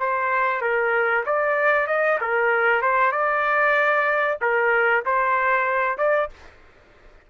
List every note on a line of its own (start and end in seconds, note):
0.00 0.62 C5
0.62 1.25 A#4
1.26 1.87 D5
1.87 2.19 D#5
2.21 2.82 A#4
2.82 3.12 C5
3.12 4.38 D5
4.42 5.05 A#4
5.06 5.98 C5
5.98 6.30 D5